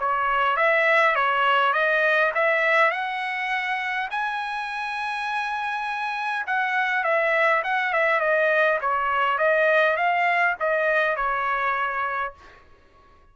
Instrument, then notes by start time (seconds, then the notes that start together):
trumpet
0.00 C#5
0.57 E5
1.16 C#5
1.74 D#5
2.35 E5
2.91 F#5
4.11 G#5
6.47 F#5
7.04 E5
7.64 F#5
7.93 E5
8.21 D#5
8.81 C#5
9.39 D#5
9.97 F5
10.60 D#5
11.17 C#5